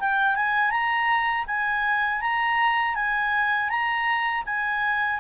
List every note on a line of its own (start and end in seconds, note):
0.00 0.36 G5
0.36 0.71 G#5
0.71 1.45 A#5
1.47 2.21 G#5
2.21 2.95 A#5
2.95 3.69 G#5
3.69 4.43 A#5
4.46 5.20 G#5